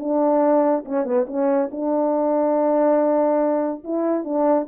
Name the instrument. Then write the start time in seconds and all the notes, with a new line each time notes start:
horn
0.00 D4
0.86 C#4
1.05 B3
1.28 C#4
1.72 D4
3.84 E4
4.25 D4